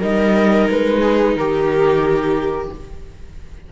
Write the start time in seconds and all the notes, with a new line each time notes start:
0.00 G3 D#4 A#4 D#5
0.69 G#3 B4
1.01 G#4
1.36 D#3 G4 A#4